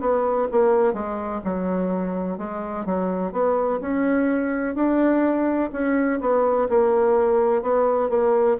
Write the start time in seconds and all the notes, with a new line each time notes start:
0.00 B3
0.51 A#3
0.93 G#3
1.44 F#3
2.38 G#3
2.85 F#3
3.32 B3
3.81 C#4
4.75 D4
5.72 C#4
6.21 B3
6.69 A#3
7.62 B3
8.10 A#3